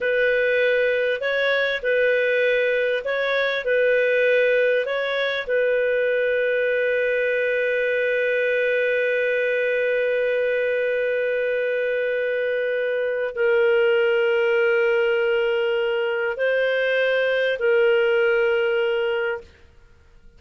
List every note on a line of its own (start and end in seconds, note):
0.00 1.20 B4
1.20 1.81 C#5
1.82 3.03 B4
3.04 3.64 C#5
3.64 4.85 B4
4.85 5.46 C#5
5.47 13.34 B4
13.35 16.36 A#4
16.36 17.58 C5
17.58 19.40 A#4